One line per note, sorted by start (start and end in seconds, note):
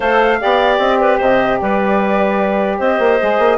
0.00 0.40 A3
0.00 0.39 A4
0.00 0.40 C5
0.00 0.78 F5
0.39 0.78 B3
0.39 3.19 G4
0.39 1.00 D5
0.78 1.18 C4
0.78 0.97 D#5
0.97 1.18 B4
0.97 1.17 D5
1.18 1.60 C3
1.18 1.58 C5
1.18 1.60 D#5
1.60 2.79 G3
1.60 2.78 B4
1.60 2.79 D5
2.78 2.99 C4
2.78 3.58 C5
2.78 3.58 D#5
2.99 3.19 A#3
3.19 3.39 G#3
3.19 3.58 G#4
3.39 3.58 A#3